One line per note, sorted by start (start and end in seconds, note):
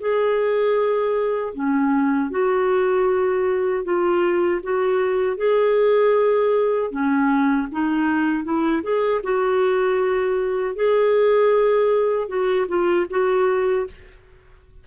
0.00 1.54 G#4
1.54 2.31 C#4
2.31 3.84 F#4
3.84 4.61 F4
4.63 5.37 F#4
5.37 6.91 G#4
6.91 7.68 C#4
7.72 8.44 D#4
8.44 8.83 E4
8.83 9.22 G#4
9.23 10.76 F#4
10.76 12.28 G#4
12.28 12.67 F#4
12.69 13.07 F4
13.10 13.87 F#4